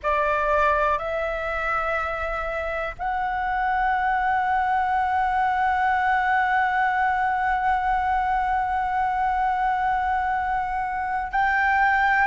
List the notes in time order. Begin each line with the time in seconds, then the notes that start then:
0.03 D5
0.98 E5
2.98 F#5
11.31 G5